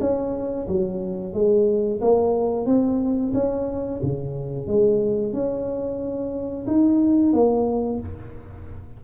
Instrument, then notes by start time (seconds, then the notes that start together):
tuba
0.00 C#4
0.67 F#3
1.33 G#3
2.01 A#3
2.65 C4
3.34 C#4
4.02 C#3
4.66 G#3
5.32 C#4
6.66 D#4
7.32 A#3